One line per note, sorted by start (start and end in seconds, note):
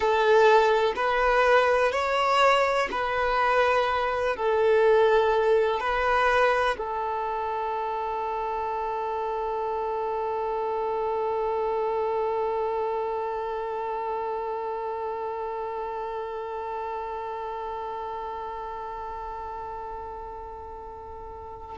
0.00 0.93 A4
0.95 1.91 B4
1.91 2.88 C#5
2.91 4.36 B4
4.36 5.79 A4
5.79 6.76 B4
6.77 21.77 A4